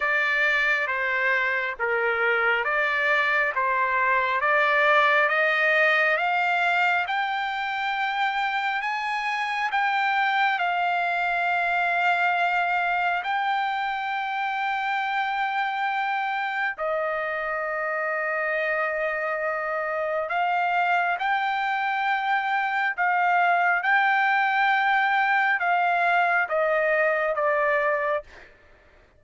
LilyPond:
\new Staff \with { instrumentName = "trumpet" } { \time 4/4 \tempo 4 = 68 d''4 c''4 ais'4 d''4 | c''4 d''4 dis''4 f''4 | g''2 gis''4 g''4 | f''2. g''4~ |
g''2. dis''4~ | dis''2. f''4 | g''2 f''4 g''4~ | g''4 f''4 dis''4 d''4 | }